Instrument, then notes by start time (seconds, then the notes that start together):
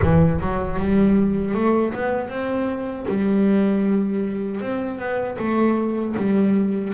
double bass
0.01 E3
0.41 F#3
0.79 G3
1.54 A3
1.93 B3
2.29 C4
3.08 G3
4.60 C4
4.98 B3
5.38 A3
6.16 G3